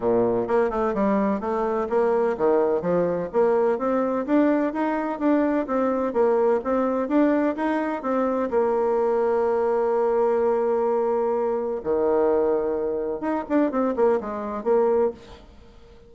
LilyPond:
\new Staff \with { instrumentName = "bassoon" } { \time 4/4 \tempo 4 = 127 ais,4 ais8 a8 g4 a4 | ais4 dis4 f4 ais4 | c'4 d'4 dis'4 d'4 | c'4 ais4 c'4 d'4 |
dis'4 c'4 ais2~ | ais1~ | ais4 dis2. | dis'8 d'8 c'8 ais8 gis4 ais4 | }